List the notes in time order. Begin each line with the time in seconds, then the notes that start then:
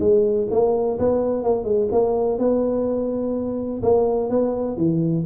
0.00 G#3
0.51 A#3
0.99 B3
1.44 A#3
1.64 G#3
1.92 A#3
2.39 B3
3.82 A#3
4.30 B3
4.77 E3